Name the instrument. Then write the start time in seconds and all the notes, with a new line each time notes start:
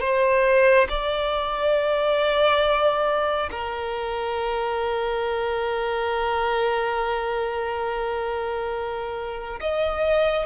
violin
0.00 C5
0.89 D5
3.51 A#4
9.60 D#5